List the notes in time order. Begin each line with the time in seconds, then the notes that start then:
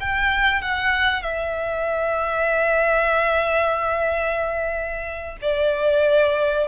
0.00 G5
0.62 F#5
1.22 E5
5.42 D5